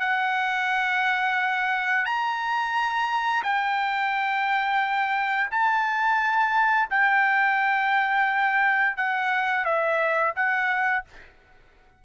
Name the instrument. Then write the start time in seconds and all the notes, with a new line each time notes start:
trumpet
0.00 F#5
2.05 A#5
3.44 G5
5.51 A5
6.90 G5
8.97 F#5
9.65 E5
10.36 F#5